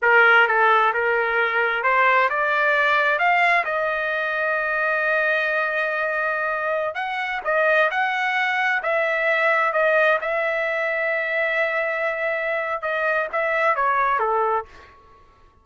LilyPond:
\new Staff \with { instrumentName = "trumpet" } { \time 4/4 \tempo 4 = 131 ais'4 a'4 ais'2 | c''4 d''2 f''4 | dis''1~ | dis''2.~ dis''16 fis''8.~ |
fis''16 dis''4 fis''2 e''8.~ | e''4~ e''16 dis''4 e''4.~ e''16~ | e''1 | dis''4 e''4 cis''4 a'4 | }